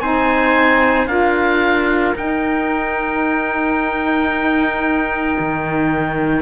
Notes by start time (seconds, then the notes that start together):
0.00 C4 D#4 C5 G#5
1.07 D4 F4 A#4 F5
2.15 D#4 G5
5.39 D#3